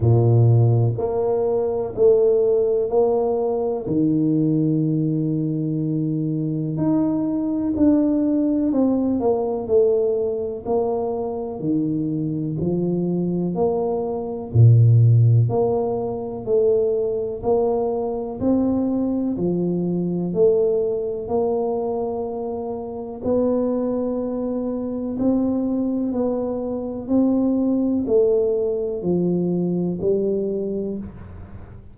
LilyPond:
\new Staff \with { instrumentName = "tuba" } { \time 4/4 \tempo 4 = 62 ais,4 ais4 a4 ais4 | dis2. dis'4 | d'4 c'8 ais8 a4 ais4 | dis4 f4 ais4 ais,4 |
ais4 a4 ais4 c'4 | f4 a4 ais2 | b2 c'4 b4 | c'4 a4 f4 g4 | }